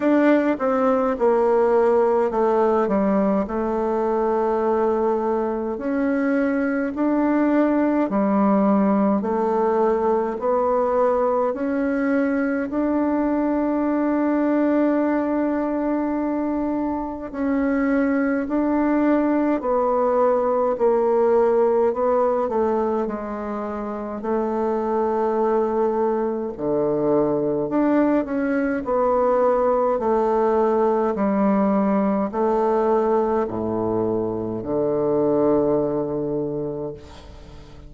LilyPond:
\new Staff \with { instrumentName = "bassoon" } { \time 4/4 \tempo 4 = 52 d'8 c'8 ais4 a8 g8 a4~ | a4 cis'4 d'4 g4 | a4 b4 cis'4 d'4~ | d'2. cis'4 |
d'4 b4 ais4 b8 a8 | gis4 a2 d4 | d'8 cis'8 b4 a4 g4 | a4 a,4 d2 | }